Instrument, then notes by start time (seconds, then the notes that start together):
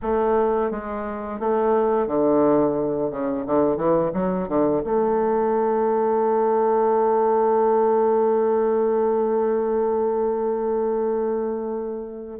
bassoon
0.02 A3
0.70 G#3
1.39 A3
2.07 D3
3.10 C#3
3.46 D3
3.76 E3
4.13 F#3
4.48 D3
4.83 A3